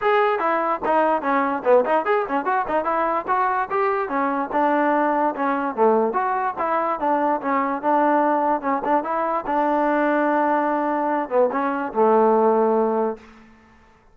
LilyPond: \new Staff \with { instrumentName = "trombone" } { \time 4/4 \tempo 4 = 146 gis'4 e'4 dis'4 cis'4 | b8 dis'8 gis'8 cis'8 fis'8 dis'8 e'4 | fis'4 g'4 cis'4 d'4~ | d'4 cis'4 a4 fis'4 |
e'4 d'4 cis'4 d'4~ | d'4 cis'8 d'8 e'4 d'4~ | d'2.~ d'8 b8 | cis'4 a2. | }